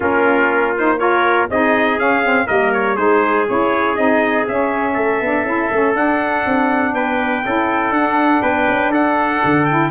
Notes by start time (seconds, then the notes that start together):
0.00 A#3 C#4 F4 A#4
0.77 D#4 C5
0.98 F4 A#4 C#5
1.49 C4 D#4 G#4 D#5
1.98 C#4 F5
2.23 C4
2.46 G3 A#3 A#4 D#5
2.73 C#5
2.95 G#3 D#4 G#4 C5
3.47 C#4 E4 C#5
3.95 C4 D#4 D#5
4.48 C#4 E5
4.93 A3 A4
5.20 B3 D4
5.44 C#4 E4
5.71 A3 C#4
5.95 D4 F#5
6.45 C4
6.93 B3 B4 G5
7.44 C#4 E4 A4
7.91 D4 F#5
7.97 D4
8.42 B3 B4 G5
8.68 C#4
8.89 D4 A4 F#5
9.44 D3
9.65 E4 G5